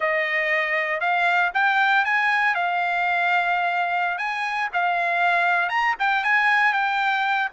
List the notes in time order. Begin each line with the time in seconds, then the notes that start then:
0.00 D#5
1.00 F5
1.53 G5
2.04 G#5
2.54 F5
4.18 G#5
4.73 F5
5.69 A#5
5.99 G5
6.24 G#5
6.73 G5